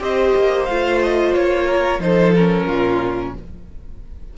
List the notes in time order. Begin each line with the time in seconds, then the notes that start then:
0.00 C4 G4 C5 D#5
0.36 A#3
0.66 A3 F4 F5
1.03 D#5
1.34 A#3 C#5
1.67 A#4
1.99 F3 D#4 A4 C5
2.35 C#4 A#4
2.67 A#2 F4